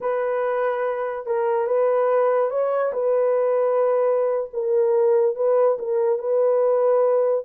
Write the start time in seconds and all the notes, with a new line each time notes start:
0.00 B4
1.26 A#4
1.66 B4
2.50 C#5
2.92 B4
4.53 A#4
5.35 B4
5.78 A#4
6.18 B4